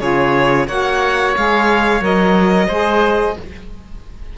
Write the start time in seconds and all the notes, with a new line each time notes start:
0.00 C#3 F4 G#4 C#5
0.67 A#3 F#4 C#5 F#5
1.36 G#3 G#4 F5
2.01 F#3 A#4 D#5
2.67 G#3 G#4 C5